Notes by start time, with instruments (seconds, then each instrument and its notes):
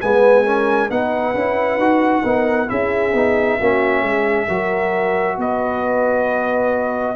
0.00 tuba G#3, trombone B3, horn B4, trumpet G#5
0.43 trombone C#4, horn A#4
0.89 tuba B3, trombone D#4, horn B4, trumpet F#5
1.34 tuba C#4, trombone E4
1.77 tuba D#4, trombone F#4
2.23 tuba B3, trombone D#4, horn A#4
2.66 tuba C#4, trombone E4, horn G#4, trumpet E5
3.13 tuba B3, trombone D#4
3.58 tuba A#3, trombone C#4, horn F#4
4.01 tuba G#3, horn G#4
4.46 tuba F#3, trombone F#4, horn A#4
5.37 tuba B3, horn B4, trumpet D#5